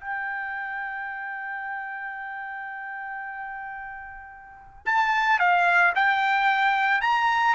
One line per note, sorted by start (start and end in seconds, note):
0.00 4.85 G5
4.85 5.39 A5
5.39 5.93 F5
5.95 7.01 G5
7.01 7.55 A#5